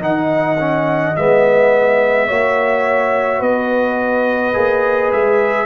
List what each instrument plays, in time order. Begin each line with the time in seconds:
0.00 tuba D#3, trombone D#4, horn D#5, trumpet F#5
0.59 trombone C#4
1.16 tuba G#3, trombone B3, trumpet E5
2.28 tuba A#3, trombone F#4, horn C#5
3.39 tuba B3, horn B4, trumpet D#5
4.54 tuba A#3, trombone G#4
5.12 tuba G#3, trumpet E5